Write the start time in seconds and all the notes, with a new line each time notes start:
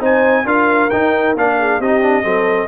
0.00 C4 D#4 C5 G#5
0.45 D4 F4 A#4 F5
0.90 D#4 G5
1.35 A#3 D4 F5
1.58 G#4
1.79 C4 D#4 G4 D#5
2.02 D4
2.23 F#3 C4 A4